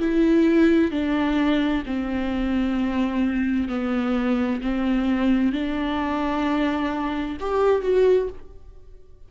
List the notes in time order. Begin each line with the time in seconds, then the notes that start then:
0.00 E4
0.91 D4
1.87 C4
3.69 B3
4.62 C4
5.53 D4
7.41 G4
7.83 F#4